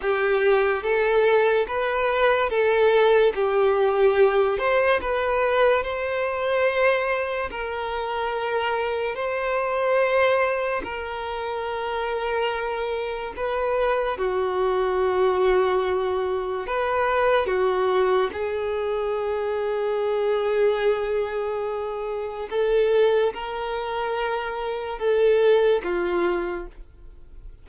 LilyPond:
\new Staff \with { instrumentName = "violin" } { \time 4/4 \tempo 4 = 72 g'4 a'4 b'4 a'4 | g'4. c''8 b'4 c''4~ | c''4 ais'2 c''4~ | c''4 ais'2. |
b'4 fis'2. | b'4 fis'4 gis'2~ | gis'2. a'4 | ais'2 a'4 f'4 | }